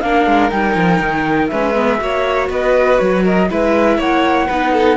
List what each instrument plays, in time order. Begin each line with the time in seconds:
0.00 cello A#3, viola D4, violin A#4, flute F5
0.26 cello G#3
0.50 cello G3, viola D#4, flute G5
0.75 cello F3
1.00 cello D#3
1.47 cello G#3, viola C#4, violin B4, flute E5
1.74 viola B3
1.98 cello A#3, viola F#4, violin C#5
2.49 cello B3, violin B4, flute D#5
2.97 cello F#3, flute C#5
3.23 violin A#4, flute D#5
3.50 cello G#3, viola E4, violin B4, flute E5
3.97 cello A#3, violin C#5, flute F#5
4.46 cello B3, viola D#4, violin B4
4.72 violin A4